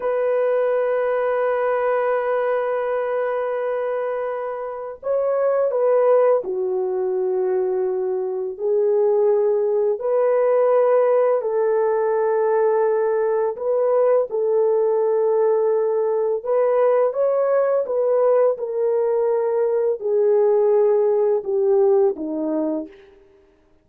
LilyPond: \new Staff \with { instrumentName = "horn" } { \time 4/4 \tempo 4 = 84 b'1~ | b'2. cis''4 | b'4 fis'2. | gis'2 b'2 |
a'2. b'4 | a'2. b'4 | cis''4 b'4 ais'2 | gis'2 g'4 dis'4 | }